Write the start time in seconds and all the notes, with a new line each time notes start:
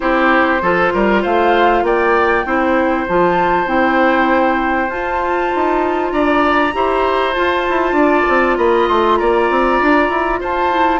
0.00 C4 E4 G4 C5
0.62 F3 F4 A4
0.93 G3 A#4
1.22 A3 C5 F5
1.82 A#3 D5 G5
2.45 C4 E4 C5
3.08 F3 F4 A5
3.66 C4 E4 G5
4.88 F4 A5
5.55 D#4
6.11 D4 D5 A#5
6.72 E4 G4 C5
7.33 F4 A5
7.69 E4
7.91 D4 D5
8.28 C4
8.57 A#3 D#5 B5
8.88 A3 C6
9.17 A#3 D5 A#5
9.50 C4
9.81 D4
10.09 E4
10.40 F4 C5 A5
10.70 E4